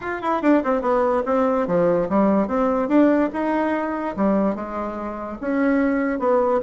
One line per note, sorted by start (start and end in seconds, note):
0.00 0.21 F4
0.21 0.42 E4
0.42 0.62 D4
0.63 0.81 C4
0.81 1.23 B3
1.25 1.67 C4
1.67 2.08 F3
2.09 2.47 G3
2.47 2.88 C4
2.88 3.29 D4
3.32 4.15 D#4
4.16 4.55 G3
4.55 5.37 G#3
5.40 6.19 C#4
6.19 6.60 B3